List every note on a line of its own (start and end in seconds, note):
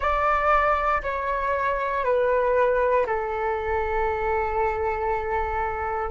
0.00 1.02 D5
1.03 2.04 C#5
2.04 3.06 B4
3.06 6.10 A4